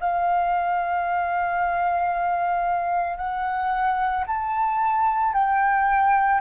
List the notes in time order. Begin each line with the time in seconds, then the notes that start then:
0.00 F5
3.17 F#5
4.27 A5
5.33 G5